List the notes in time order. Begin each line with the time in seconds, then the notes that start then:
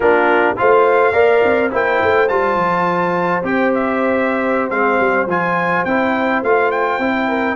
0.00 A#3 D4 F4 A#4
0.56 A3 F4 C5 F5
1.12 A#3 A#4 D5
1.44 C4
1.70 A#3 E4 C5 G5
2.02 A3
2.28 G3 F4 A5
2.55 F3
3.43 C4 G4 G5
3.74 E5
4.69 G#3 C4 F5
5.00 G3
5.26 F3 F4 G#5
5.84 C4 E4 G5
6.42 A3 F4 F5
6.71 G5
6.98 C4 E4
7.27 A#4